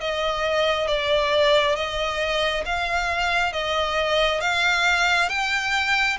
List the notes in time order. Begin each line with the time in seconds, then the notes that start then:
0.00 D#5
0.87 D5
1.76 D#5
2.65 F5
3.53 D#5
4.40 F5
5.29 G5